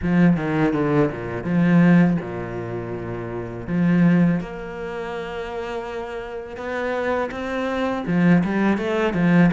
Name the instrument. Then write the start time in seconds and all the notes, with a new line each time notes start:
cello
0.02 F3
0.36 D#3
0.73 D3
1.11 A#2
1.44 F3
2.20 A#2
3.67 F3
4.40 A#3
6.56 B3
7.31 C4
8.06 F3
8.44 G3
8.77 A3
9.13 F3